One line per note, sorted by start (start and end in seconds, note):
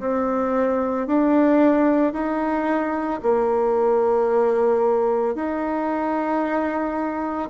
0.00 1.07 C4
1.07 2.13 D4
2.13 3.20 D#4
3.23 5.35 A#3
5.35 7.50 D#4